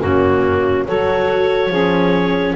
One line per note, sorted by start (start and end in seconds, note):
0.00 0.86 F#2
0.00 0.85 A#3
0.00 0.86 C#4
0.00 0.85 F#4
0.87 1.69 F#3
0.87 1.73 F#4
0.87 1.70 A4
0.87 2.56 C#5
1.69 2.54 F3
1.69 2.56 C#4
1.69 2.54 G#4